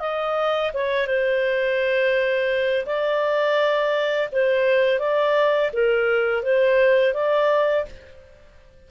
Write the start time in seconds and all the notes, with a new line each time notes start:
0.00 D#5
0.74 C#5
1.07 C5
2.86 D5
4.32 C5
4.99 D5
5.73 A#4
6.43 C5
7.14 D5